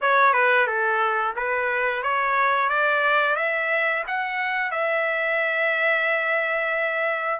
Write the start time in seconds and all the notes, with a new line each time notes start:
0.01 C#5
0.33 B4
0.66 A4
1.35 B4
2.03 C#5
2.69 D5
3.36 E5
4.07 F#5
4.71 E5